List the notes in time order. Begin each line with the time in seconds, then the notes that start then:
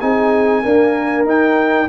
0.00 C4 D#4 G#4 G#5
0.62 A#3 D4 A#4
1.24 D#4 G5